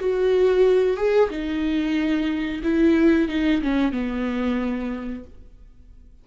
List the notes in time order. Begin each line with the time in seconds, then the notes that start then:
0.00 F#4
0.97 G#4
1.30 D#4
2.63 E4
3.29 D#4
3.62 C#4
3.92 B3